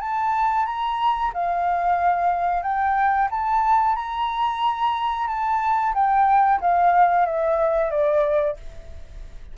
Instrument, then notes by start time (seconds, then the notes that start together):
flute
0.00 A5
0.66 A#5
1.34 F5
2.62 G5
3.31 A5
3.96 A#5
5.27 A5
5.94 G5
6.61 F5
7.26 E5
7.91 D5